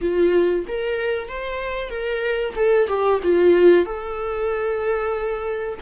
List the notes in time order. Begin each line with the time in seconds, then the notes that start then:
0.01 F4
0.67 A#4
1.28 C5
1.89 A#4
2.55 A4
2.87 G4
3.22 F4
3.85 A4